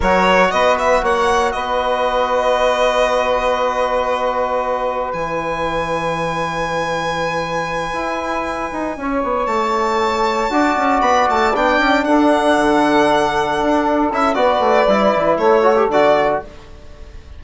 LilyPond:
<<
  \new Staff \with { instrumentName = "violin" } { \time 4/4 \tempo 4 = 117 cis''4 dis''8 e''8 fis''4 dis''4~ | dis''1~ | dis''2 gis''2~ | gis''1~ |
gis''2~ gis''8 a''4.~ | a''4. b''8 a''8 g''4 fis''8~ | fis''2.~ fis''8 e''8 | d''2 cis''4 d''4 | }
  \new Staff \with { instrumentName = "saxophone" } { \time 4/4 ais'4 b'4 cis''4 b'4~ | b'1~ | b'1~ | b'1~ |
b'4. cis''2~ cis''8~ | cis''8 d''2. a'8~ | a'1 | b'2 a'2 | }
  \new Staff \with { instrumentName = "trombone" } { \time 4/4 fis'1~ | fis'1~ | fis'2 e'2~ | e'1~ |
e'1~ | e'8 fis'2 d'4.~ | d'2.~ d'8 e'8 | fis'4 e'4. fis'16 g'16 fis'4 | }
  \new Staff \with { instrumentName = "bassoon" } { \time 4/4 fis4 b4 ais4 b4~ | b1~ | b2 e2~ | e2.~ e8 e'8~ |
e'4 dis'8 cis'8 b8 a4.~ | a8 d'8 cis'8 b8 a8 b8 cis'8 d'8~ | d'8 d2 d'4 cis'8 | b8 a8 g8 e8 a4 d4 | }
>>